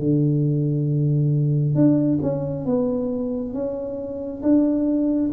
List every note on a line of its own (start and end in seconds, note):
0.00 1.75 D3
1.75 2.19 D4
2.23 2.66 C#4
2.66 3.54 B3
3.54 4.42 C#4
4.43 5.31 D4